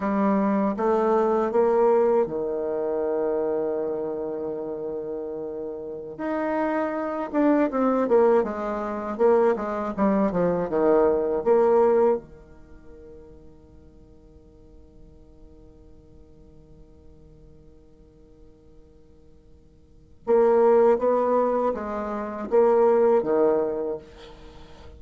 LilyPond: \new Staff \with { instrumentName = "bassoon" } { \time 4/4 \tempo 4 = 80 g4 a4 ais4 dis4~ | dis1~ | dis16 dis'4. d'8 c'8 ais8 gis8.~ | gis16 ais8 gis8 g8 f8 dis4 ais8.~ |
ais16 dis2.~ dis8.~ | dis1~ | dis2. ais4 | b4 gis4 ais4 dis4 | }